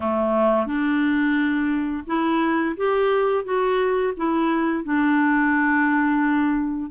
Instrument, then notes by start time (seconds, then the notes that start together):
clarinet
0.00 A3
0.66 D4
2.06 E4
2.76 G4
3.44 F#4
4.17 E4
4.83 D4